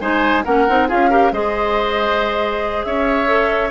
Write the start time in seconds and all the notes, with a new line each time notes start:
0.00 G#3 D#4 C5 G#5
0.45 A#3 C#4 A#4 F#5
0.69 C4 D#4
0.88 C#4 F4 G#4 F5
1.10 G4 A#4
1.32 G#3 G#4 C5 D#5
2.84 C#4 C#5 E5
3.27 A4